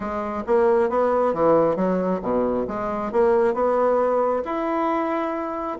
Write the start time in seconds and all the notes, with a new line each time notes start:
0.00 G#3
0.46 A#3
0.89 B3
1.33 E3
1.76 F#3
2.22 B2
2.67 G#3
3.12 A#3
3.54 B3
4.44 E4